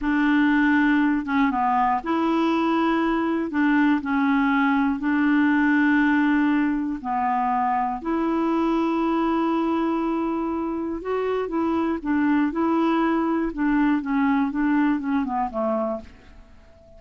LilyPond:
\new Staff \with { instrumentName = "clarinet" } { \time 4/4 \tempo 4 = 120 d'2~ d'8 cis'8 b4 | e'2. d'4 | cis'2 d'2~ | d'2 b2 |
e'1~ | e'2 fis'4 e'4 | d'4 e'2 d'4 | cis'4 d'4 cis'8 b8 a4 | }